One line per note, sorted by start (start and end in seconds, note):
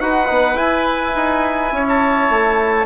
0.00 0.29 D#4
0.00 0.26 F#4
0.00 1.73 B4
0.00 0.57 F#5
0.26 0.54 B3
0.26 0.55 D#4
0.54 1.11 E4
0.54 2.85 E4
0.54 1.85 G#5
1.15 1.72 D#4
1.72 2.29 C#4
1.72 2.86 C#5
1.88 2.86 A5
2.29 2.86 A3